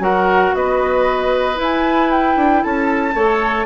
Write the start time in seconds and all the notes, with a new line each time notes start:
0.00 F#3 F#4 A#4 F#5
0.55 B3 B4 D#5
1.56 E4
1.63 G#5
2.11 G5
2.37 D4
2.64 C#4 A4 A5
3.15 A3 A4 C#5